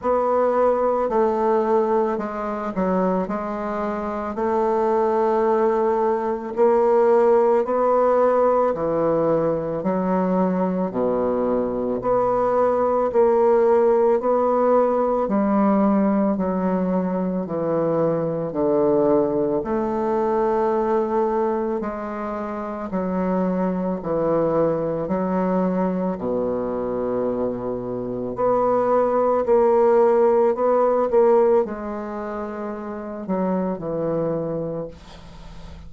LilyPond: \new Staff \with { instrumentName = "bassoon" } { \time 4/4 \tempo 4 = 55 b4 a4 gis8 fis8 gis4 | a2 ais4 b4 | e4 fis4 b,4 b4 | ais4 b4 g4 fis4 |
e4 d4 a2 | gis4 fis4 e4 fis4 | b,2 b4 ais4 | b8 ais8 gis4. fis8 e4 | }